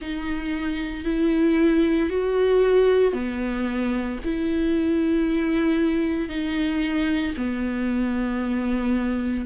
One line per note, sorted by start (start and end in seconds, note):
0.00 1.04 D#4
1.04 2.09 E4
2.09 3.13 F#4
3.13 4.18 B3
4.24 6.29 E4
6.29 7.34 D#4
7.37 9.45 B3